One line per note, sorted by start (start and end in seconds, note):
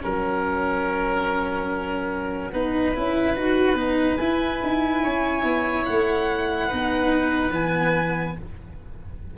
0.00 2.53 F#3
0.00 2.50 C#4
0.00 2.52 A#4
0.00 4.17 F#5
2.52 2.94 B3
2.52 2.95 D#4
2.52 5.02 B4
2.95 3.36 C#4
2.95 3.36 E4
3.36 3.75 D#4
3.36 3.76 F#4
3.75 4.17 B3
3.75 4.18 D#4
4.17 4.61 E4
4.17 6.70 E4
4.17 5.84 G#5
4.63 5.04 D#4
5.03 5.44 C#4
5.03 6.68 C#5
5.44 5.85 B3
5.86 6.72 A3
5.86 7.52 F#5
6.68 7.50 B3
6.68 7.52 D#4
6.68 8.35 B4
7.50 8.33 E3
7.50 8.35 B3
7.50 8.37 G#5